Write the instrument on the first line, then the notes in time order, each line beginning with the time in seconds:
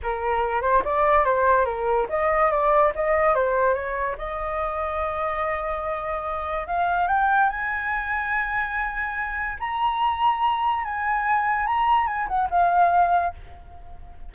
flute
0.02 A#4
0.61 C5
0.84 D5
1.24 C5
1.65 A#4
2.09 D#5
2.50 D5
2.95 D#5
3.34 C5
3.74 C#5
4.18 D#5
6.67 F5
7.07 G5
7.49 G#5
9.59 A#5
10.84 G#5
11.66 A#5
12.06 G#5
12.28 F#5
12.50 F5